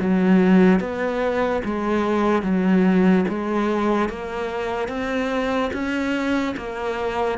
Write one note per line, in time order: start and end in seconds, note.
0.00 0.80 F#3
0.80 1.63 B3
1.65 2.43 G#3
2.43 3.25 F#3
3.29 4.09 G#3
4.09 4.89 A#3
4.89 5.71 C4
5.73 6.56 C#4
6.57 7.39 A#3